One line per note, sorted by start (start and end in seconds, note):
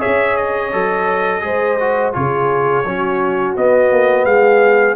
0.00 0.71 G#4
0.00 1.41 C#5
0.00 0.37 E5
0.06 0.74 C#4
0.37 2.13 D#5
0.72 1.43 F#3
0.72 1.42 A4
1.42 2.14 G#3
1.42 1.77 G#4
1.42 2.16 C5
1.80 2.13 F#4
2.13 2.85 C#3
2.13 2.84 F4
2.13 2.87 G#4
2.13 3.55 C#5
2.85 3.56 F#3
2.85 3.57 C#4
2.85 4.27 F#4
3.57 4.96 B3
3.57 3.92 B3
3.57 4.25 D#5
3.92 4.25 A#3
4.25 4.96 G#3
4.25 4.96 G#4
4.25 4.96 F5